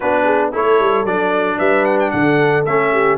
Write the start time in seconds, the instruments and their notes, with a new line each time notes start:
0.00 tuba B3, trombone D4, horn F#4, trumpet B4
0.24 horn G#4
0.52 tuba A3, trombone E4, horn A4, trumpet C#5
0.79 tuba G3
1.04 tuba F#3, trombone D4, trumpet D5
1.58 tuba G3, horn B4, trumpet E5
1.85 trumpet F#5
1.99 trumpet G5
2.11 tuba D3, horn A4, trumpet F#5
2.64 tuba A3, trombone C#4, trumpet E5
2.91 horn G4